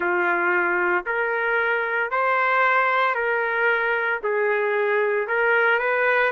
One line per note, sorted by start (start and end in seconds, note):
0.00 1.05 F4
1.06 2.11 A#4
2.11 3.14 C5
3.14 4.20 A#4
4.23 5.27 G#4
5.27 5.79 A#4
5.79 6.32 B4